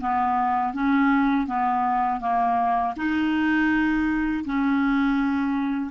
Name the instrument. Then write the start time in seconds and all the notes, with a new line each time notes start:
clarinet
0.00 B3
0.73 C#4
1.47 B3
2.21 A#3
2.96 D#4
4.45 C#4